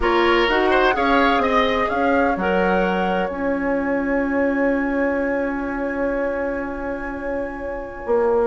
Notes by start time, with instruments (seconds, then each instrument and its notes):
0.00 bassoon A#3, clarinet F4, oboe A#4, flute C#5
0.48 bassoon D#4, clarinet F#4, flute F#5
0.70 oboe C5
0.92 bassoon C#4, clarinet G#4, oboe C#5, flute F5
1.38 bassoon C4, flute D#5, oboe D#5
1.89 bassoon C#4, oboe C#5, flute F5
2.36 bassoon F#3, clarinet A#4, flute F#5
3.28 bassoon C#4, clarinet F4, flute G#5
8.06 bassoon A#3